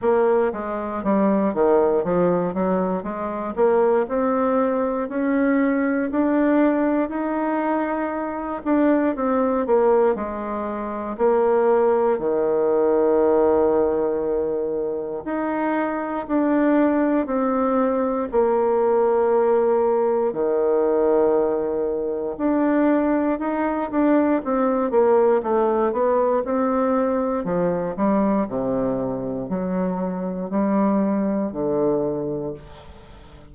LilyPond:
\new Staff \with { instrumentName = "bassoon" } { \time 4/4 \tempo 4 = 59 ais8 gis8 g8 dis8 f8 fis8 gis8 ais8 | c'4 cis'4 d'4 dis'4~ | dis'8 d'8 c'8 ais8 gis4 ais4 | dis2. dis'4 |
d'4 c'4 ais2 | dis2 d'4 dis'8 d'8 | c'8 ais8 a8 b8 c'4 f8 g8 | c4 fis4 g4 d4 | }